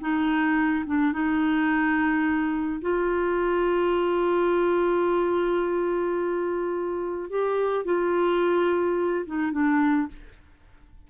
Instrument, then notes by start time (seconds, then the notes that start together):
clarinet
0.00 D#4
0.86 D4
1.12 D#4
2.81 F4
7.29 G4
7.85 F4
9.26 D#4
9.51 D4